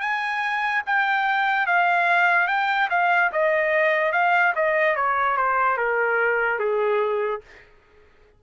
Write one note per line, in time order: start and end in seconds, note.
0.00 0.82 G#5
0.86 1.67 G5
1.67 2.48 F5
2.48 2.89 G5
2.90 3.31 F5
3.32 4.12 D#5
4.12 4.54 F5
4.55 4.96 D#5
4.96 5.37 C#5
5.37 5.77 C5
5.77 6.59 A#4
6.59 7.41 G#4